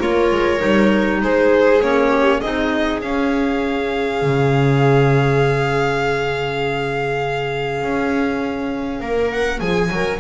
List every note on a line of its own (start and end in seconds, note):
0.00 0.31 A#3
0.00 0.59 F4
0.00 1.21 A#4
0.00 1.22 C#5
0.31 0.61 G#3
0.59 1.21 G3
0.59 1.79 D#4
1.21 1.81 G#3
1.21 2.10 G#4
1.21 1.82 C5
1.82 2.42 A#3
1.82 2.43 C#4
1.82 2.41 C#5
2.10 2.40 G4
2.41 3.02 C4
2.41 3.02 D#4
2.41 9.02 G#4
2.41 3.01 D#5
3.02 10.20 C#4
3.02 4.22 C#4
3.02 9.31 F5
4.22 7.82 C#3
7.82 9.01 C#4
9.01 9.60 A#3
9.01 9.60 A#4
9.31 9.60 F#5
9.60 9.90 F3
9.60 9.90 G#4
9.60 10.20 G#5
9.90 10.20 F#3
9.90 10.20 A#4